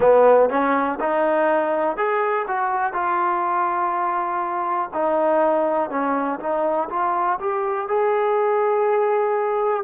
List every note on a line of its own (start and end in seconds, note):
0.00 0.49 B3
0.49 0.98 C#4
1.00 1.97 D#4
1.97 2.46 G#4
2.47 2.93 F#4
2.93 4.90 F4
4.93 5.90 D#4
5.90 6.39 C#4
6.39 6.89 D#4
6.89 7.39 F4
7.39 7.88 G4
7.88 9.84 G#4